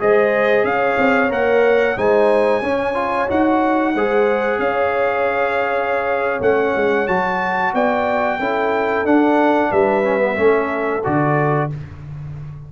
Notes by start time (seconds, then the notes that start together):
0.00 G#3 G#4 C5 D#5
0.64 C#4 C#5 F5
0.98 C4
1.30 A#3 A#4 F#5
1.97 G#3 D#4 C5 G#5
2.62 C#4 C#5
2.95 F4
3.28 D#4 F#4 F#5
3.95 G#3 G#4 C5
4.59 C#4 C#5 F5
6.41 A3 C#4 F#5
6.76 G#3
7.08 F#3 F#4 A5
7.73 B3 D5 G5
8.40 C#4 E4 A4
9.05 D4 F#5
9.71 G3 B4 E5
10.04 C#4
10.19 B3
10.36 A3 C#4 A4
11.04 D3 F#4 D5